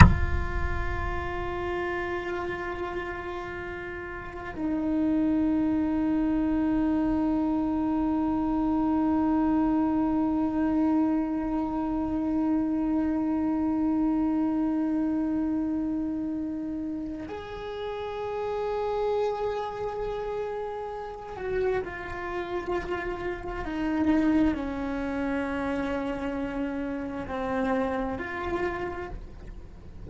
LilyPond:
\new Staff \with { instrumentName = "cello" } { \time 4/4 \tempo 4 = 66 f'1~ | f'4 dis'2.~ | dis'1~ | dis'1~ |
dis'2. gis'4~ | gis'2.~ gis'8 fis'8 | f'2 dis'4 cis'4~ | cis'2 c'4 f'4 | }